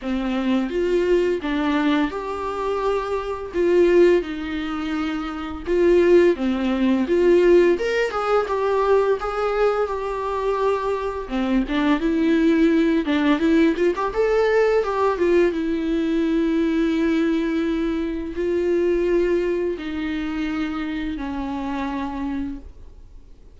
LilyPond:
\new Staff \with { instrumentName = "viola" } { \time 4/4 \tempo 4 = 85 c'4 f'4 d'4 g'4~ | g'4 f'4 dis'2 | f'4 c'4 f'4 ais'8 gis'8 | g'4 gis'4 g'2 |
c'8 d'8 e'4. d'8 e'8 f'16 g'16 | a'4 g'8 f'8 e'2~ | e'2 f'2 | dis'2 cis'2 | }